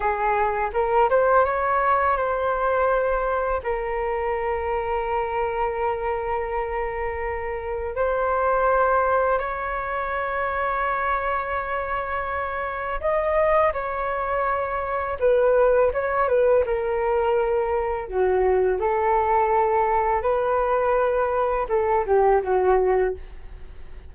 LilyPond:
\new Staff \with { instrumentName = "flute" } { \time 4/4 \tempo 4 = 83 gis'4 ais'8 c''8 cis''4 c''4~ | c''4 ais'2.~ | ais'2. c''4~ | c''4 cis''2.~ |
cis''2 dis''4 cis''4~ | cis''4 b'4 cis''8 b'8 ais'4~ | ais'4 fis'4 a'2 | b'2 a'8 g'8 fis'4 | }